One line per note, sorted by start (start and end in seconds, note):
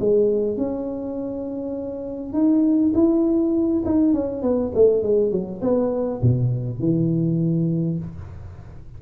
0.00 0.58 G#3
0.58 2.33 C#4
2.33 2.93 D#4
2.95 3.84 E4
3.86 4.14 D#4
4.14 4.43 C#4
4.43 4.72 B3
4.75 5.03 A3
5.03 5.32 G#3
5.32 5.61 F#3
5.61 6.21 B3
6.22 6.80 B2
6.80 7.99 E3